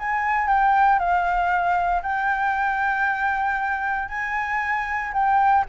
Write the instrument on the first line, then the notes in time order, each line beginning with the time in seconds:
flute
0.00 G#5
0.48 G5
0.99 F5
2.03 G5
4.09 G#5
5.13 G5